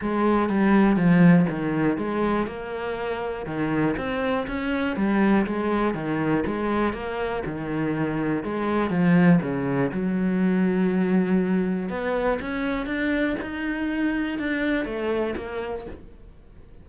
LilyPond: \new Staff \with { instrumentName = "cello" } { \time 4/4 \tempo 4 = 121 gis4 g4 f4 dis4 | gis4 ais2 dis4 | c'4 cis'4 g4 gis4 | dis4 gis4 ais4 dis4~ |
dis4 gis4 f4 cis4 | fis1 | b4 cis'4 d'4 dis'4~ | dis'4 d'4 a4 ais4 | }